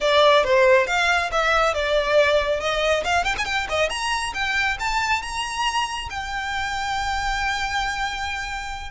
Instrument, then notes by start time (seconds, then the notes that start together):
violin
0.01 D5
0.44 C5
0.87 F5
1.31 E5
1.74 D5
2.60 D#5
3.04 F5
3.24 G5
3.37 G#5
3.45 G5
3.69 D#5
3.89 A#5
4.34 G5
4.79 A5
5.22 A#5
6.09 G5